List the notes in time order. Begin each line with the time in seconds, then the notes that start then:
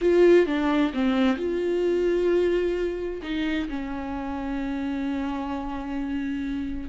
0.01 F4
0.46 D4
0.93 C4
1.36 F4
3.22 D#4
3.69 C#4